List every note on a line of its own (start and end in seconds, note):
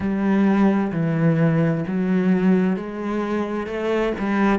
0.00 0.91 G3
0.91 1.84 E3
1.87 2.76 F#3
2.76 3.66 G#3
3.66 4.12 A3
4.18 4.59 G3